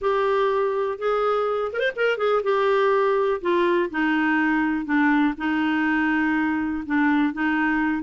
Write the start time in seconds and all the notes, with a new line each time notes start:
0.01 G4
0.98 G#4
1.72 A#4
1.79 C5
1.96 A#4
2.17 G#4
2.43 G4
3.41 F4
3.90 D#4
4.85 D4
5.37 D#4
6.85 D4
7.33 D#4